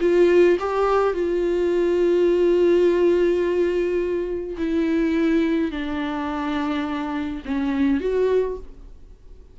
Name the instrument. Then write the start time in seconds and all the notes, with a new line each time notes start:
viola
0.00 F4
0.59 G4
1.14 F4
4.57 E4
5.71 D4
7.45 C#4
8.00 F#4